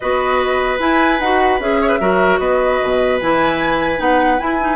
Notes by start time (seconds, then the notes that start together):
0.00 B3 F#4 B4 D#5
0.79 E4 G#5
1.19 D#4 F#4 F#5
1.59 C#4 G#4 E5
1.81 C#5
1.88 B4
2.00 F#3 F#4 A#4
2.38 B3 B4 D#5
2.82 B2
3.20 E3 E4 G#5
3.97 B3 D#4 F#5
4.37 E4 G#5
4.60 D#4